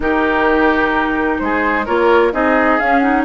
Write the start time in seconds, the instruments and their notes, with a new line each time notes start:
0.00 bassoon D#3, clarinet D#4, oboe G4, flute A#4
1.39 bassoon G#3, oboe G#4, flute C5
1.85 bassoon A#3, clarinet F4, oboe A#4, flute C#5
2.32 bassoon C4, clarinet D#4, oboe G#4, flute D#5
2.79 bassoon C#4, clarinet C#4, flute F5
2.98 clarinet D#4, flute F#5